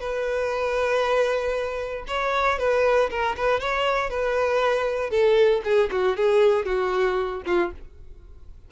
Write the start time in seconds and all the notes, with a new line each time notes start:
0.00 B4
2.07 C#5
2.59 B4
3.10 A#4
3.37 B4
3.60 C#5
4.10 B4
5.10 A4
5.64 G#4
5.91 F#4
6.17 G#4
6.65 F#4
7.46 F4